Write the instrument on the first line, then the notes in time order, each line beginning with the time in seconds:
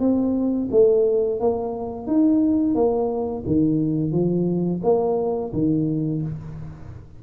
tuba
0.00 C4
0.71 A3
1.40 A#3
2.07 D#4
2.75 A#3
3.47 D#3
4.13 F3
4.84 A#3
5.53 D#3